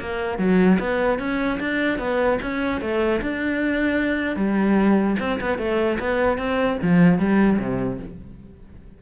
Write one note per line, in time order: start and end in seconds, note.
0.00 0.38 A#3
0.38 0.78 F#3
0.79 1.19 B3
1.19 1.59 C#4
1.60 1.99 D4
1.99 2.39 B3
2.42 2.81 C#4
2.81 3.21 A3
3.21 4.36 D4
4.36 5.16 G3
5.19 5.39 C4
5.40 5.58 B3
5.58 5.98 A3
5.99 6.38 B3
6.38 6.78 C4
6.82 7.19 F3
7.19 7.59 G3
7.59 7.99 C3